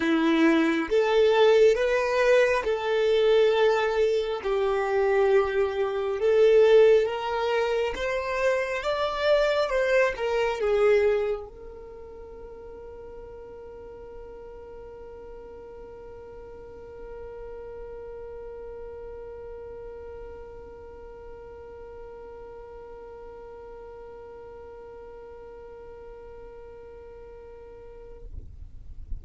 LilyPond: \new Staff \with { instrumentName = "violin" } { \time 4/4 \tempo 4 = 68 e'4 a'4 b'4 a'4~ | a'4 g'2 a'4 | ais'4 c''4 d''4 c''8 ais'8 | gis'4 ais'2.~ |
ais'1~ | ais'1~ | ais'1~ | ais'1 | }